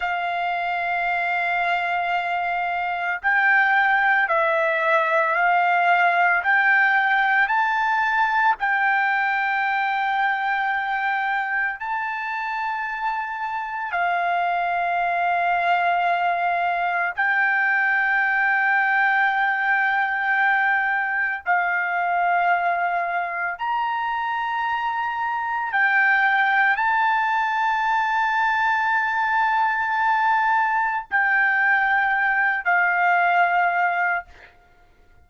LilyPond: \new Staff \with { instrumentName = "trumpet" } { \time 4/4 \tempo 4 = 56 f''2. g''4 | e''4 f''4 g''4 a''4 | g''2. a''4~ | a''4 f''2. |
g''1 | f''2 ais''2 | g''4 a''2.~ | a''4 g''4. f''4. | }